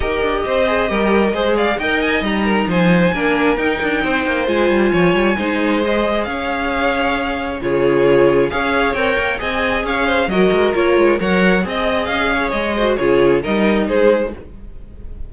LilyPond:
<<
  \new Staff \with { instrumentName = "violin" } { \time 4/4 \tempo 4 = 134 dis''2.~ dis''8 f''8 | g''8 gis''8 ais''4 gis''2 | g''2 gis''2~ | gis''4 dis''4 f''2~ |
f''4 cis''2 f''4 | g''4 gis''4 f''4 dis''4 | cis''4 fis''4 dis''4 f''4 | dis''4 cis''4 dis''4 c''4 | }
  \new Staff \with { instrumentName = "violin" } { \time 4/4 ais'4 c''4 ais'4 c''8 d''8 | dis''4. ais'8 c''4 ais'4~ | ais'4 c''2 cis''4 | c''2 cis''2~ |
cis''4 gis'2 cis''4~ | cis''4 dis''4 cis''8 c''8 ais'4~ | ais'4 cis''4 dis''4. cis''8~ | cis''8 c''8 gis'4 ais'4 gis'4 | }
  \new Staff \with { instrumentName = "viola" } { \time 4/4 g'4. gis'8 g'4 gis'4 | ais'4 dis'2 d'4 | dis'2 f'2 | dis'4 gis'2.~ |
gis'4 f'2 gis'4 | ais'4 gis'2 fis'4 | f'4 ais'4 gis'2~ | gis'8 fis'8 f'4 dis'2 | }
  \new Staff \with { instrumentName = "cello" } { \time 4/4 dis'8 d'8 c'4 g4 gis4 | dis'4 g4 f4 ais4 | dis'8 d'8 c'8 ais8 gis8 g8 f8 g8 | gis2 cis'2~ |
cis'4 cis2 cis'4 | c'8 ais8 c'4 cis'4 fis8 gis8 | ais8 gis8 fis4 c'4 cis'4 | gis4 cis4 g4 gis4 | }
>>